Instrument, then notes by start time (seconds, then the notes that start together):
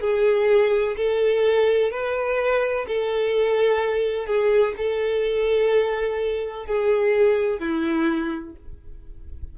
violin
0.00 G#4
0.97 A4
1.90 B4
2.88 A4
4.26 G#4
4.77 A4
6.66 G#4
7.59 E4